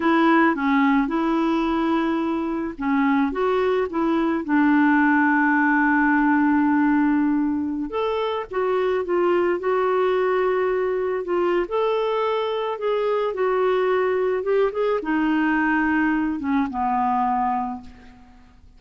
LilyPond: \new Staff \with { instrumentName = "clarinet" } { \time 4/4 \tempo 4 = 108 e'4 cis'4 e'2~ | e'4 cis'4 fis'4 e'4 | d'1~ | d'2~ d'16 a'4 fis'8.~ |
fis'16 f'4 fis'2~ fis'8.~ | fis'16 f'8. a'2 gis'4 | fis'2 g'8 gis'8 dis'4~ | dis'4. cis'8 b2 | }